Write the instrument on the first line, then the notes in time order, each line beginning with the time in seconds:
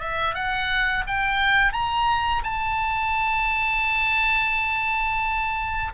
oboe
0.00 E5
0.35 F#5
1.07 G5
1.73 A#5
2.44 A5